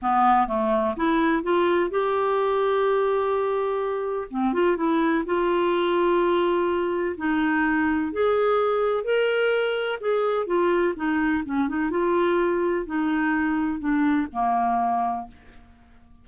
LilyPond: \new Staff \with { instrumentName = "clarinet" } { \time 4/4 \tempo 4 = 126 b4 a4 e'4 f'4 | g'1~ | g'4 c'8 f'8 e'4 f'4~ | f'2. dis'4~ |
dis'4 gis'2 ais'4~ | ais'4 gis'4 f'4 dis'4 | cis'8 dis'8 f'2 dis'4~ | dis'4 d'4 ais2 | }